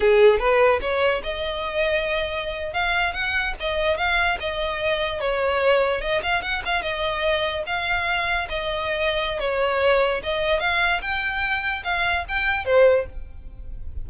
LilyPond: \new Staff \with { instrumentName = "violin" } { \time 4/4 \tempo 4 = 147 gis'4 b'4 cis''4 dis''4~ | dis''2~ dis''8. f''4 fis''16~ | fis''8. dis''4 f''4 dis''4~ dis''16~ | dis''8. cis''2 dis''8 f''8 fis''16~ |
fis''16 f''8 dis''2 f''4~ f''16~ | f''8. dis''2~ dis''16 cis''4~ | cis''4 dis''4 f''4 g''4~ | g''4 f''4 g''4 c''4 | }